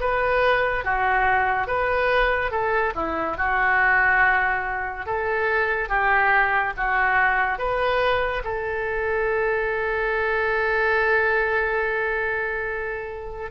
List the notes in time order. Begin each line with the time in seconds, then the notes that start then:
0.00 B4
0.85 F#4
1.67 B4
2.51 A4
2.95 E4
3.37 F#4
5.06 A4
5.89 G4
6.77 F#4
7.59 B4
8.44 A4